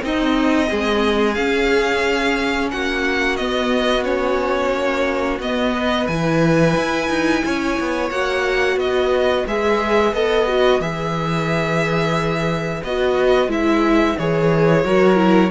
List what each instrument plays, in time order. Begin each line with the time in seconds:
0.00 viola C4, cello C4, violin D#4 D#5
0.69 cello G#3, violin G#4
1.34 viola C#4, cello C#4, violin F5
2.71 cello A#3, violin F#4 F#5
3.36 viola B3, cello B3, violin D#5
4.04 viola C#4, violin C#5
4.73 cello A#3
5.39 cello B3, viola B3, violin D#5
5.74 violin B4
6.07 cello E3, viola E4, violin G#5
6.76 cello E4
7.09 cello D#4
7.45 cello C#4, violin C#5
7.80 cello B3
8.10 cello A#3, viola F#4, violin F#5
8.76 cello B3, violin B4 D#5
9.47 cello G#3, viola G#4, violin E5
10.13 cello B3, viola A4, violin D#5
10.47 viola F#4
10.80 cello E3, viola G#4, violin E5
12.84 cello B3, viola F#4, violin D#5
13.47 cello G#3, viola E4, violin E5
14.18 cello E3, viola G#4, violin C#5
14.84 cello F#3, viola F#4, violin A#4
15.15 viola E4